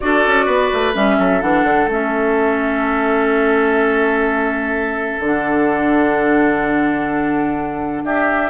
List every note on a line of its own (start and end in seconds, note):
0.00 0.26 D4
0.00 0.94 F#4
0.00 0.45 A4
0.00 0.93 D5
0.26 0.47 C#4
0.45 0.71 B3
0.45 1.16 B4
0.73 0.95 A3
0.94 1.19 G3
0.94 1.41 C#4
0.94 1.41 E5
1.18 1.42 F#3
1.18 8.03 A4
1.41 1.63 E3
1.41 1.88 D4
1.41 1.88 F#5
1.63 1.86 D3
1.86 5.17 A3
1.86 5.21 C#4
1.86 5.22 E5
5.19 8.03 D3
5.19 8.50 D4
5.19 8.05 F#5
8.03 8.50 D4
8.03 8.50 G4
8.03 8.50 E5